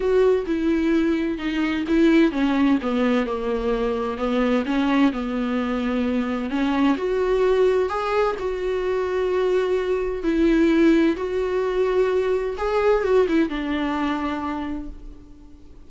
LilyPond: \new Staff \with { instrumentName = "viola" } { \time 4/4 \tempo 4 = 129 fis'4 e'2 dis'4 | e'4 cis'4 b4 ais4~ | ais4 b4 cis'4 b4~ | b2 cis'4 fis'4~ |
fis'4 gis'4 fis'2~ | fis'2 e'2 | fis'2. gis'4 | fis'8 e'8 d'2. | }